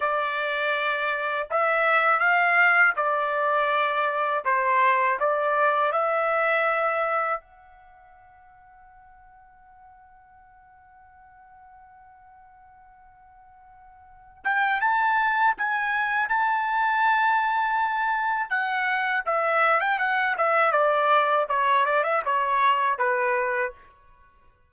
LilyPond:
\new Staff \with { instrumentName = "trumpet" } { \time 4/4 \tempo 4 = 81 d''2 e''4 f''4 | d''2 c''4 d''4 | e''2 fis''2~ | fis''1~ |
fis''2.~ fis''8 g''8 | a''4 gis''4 a''2~ | a''4 fis''4 e''8. g''16 fis''8 e''8 | d''4 cis''8 d''16 e''16 cis''4 b'4 | }